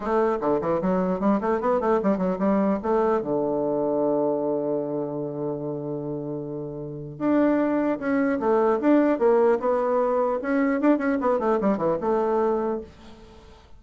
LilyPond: \new Staff \with { instrumentName = "bassoon" } { \time 4/4 \tempo 4 = 150 a4 d8 e8 fis4 g8 a8 | b8 a8 g8 fis8 g4 a4 | d1~ | d1~ |
d2 d'2 | cis'4 a4 d'4 ais4 | b2 cis'4 d'8 cis'8 | b8 a8 g8 e8 a2 | }